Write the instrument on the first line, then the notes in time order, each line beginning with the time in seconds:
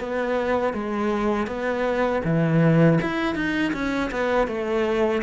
cello
0.00 B3
0.74 G#3
1.47 B3
2.24 E3
3.02 E4
3.35 D#4
3.73 C#4
4.11 B3
4.48 A3